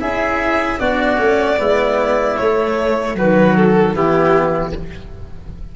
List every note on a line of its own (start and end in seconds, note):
0.00 0.79 C#4
0.00 0.79 E4
0.00 0.80 G#4
0.00 0.79 E5
0.79 1.18 B3
0.79 1.17 D4
0.79 1.59 F#4
0.79 2.37 D5
1.17 1.57 A3
1.17 1.57 C#4
1.57 2.38 G#3
1.57 2.36 B3
1.57 3.16 E4
2.37 3.19 A3
2.37 3.14 A3
2.37 3.16 C#5
3.14 3.97 D#3
3.14 3.93 F#3
3.14 3.94 F#4
3.14 3.56 B4
3.56 3.95 A4
3.94 4.76 E3
3.94 4.73 B3
3.94 4.73 E4
3.94 4.74 G4